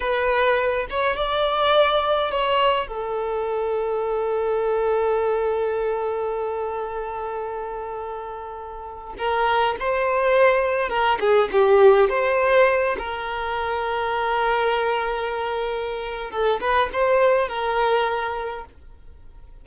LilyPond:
\new Staff \with { instrumentName = "violin" } { \time 4/4 \tempo 4 = 103 b'4. cis''8 d''2 | cis''4 a'2.~ | a'1~ | a'2.~ a'8. ais'16~ |
ais'8. c''2 ais'8 gis'8 g'16~ | g'8. c''4. ais'4.~ ais'16~ | ais'1 | a'8 b'8 c''4 ais'2 | }